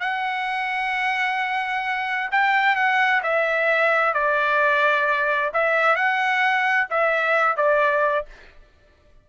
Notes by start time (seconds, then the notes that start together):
0.00 F#5
2.31 G5
2.75 F#5
3.23 E5
4.14 D5
5.53 E5
5.95 F#5
6.90 E5
7.56 D5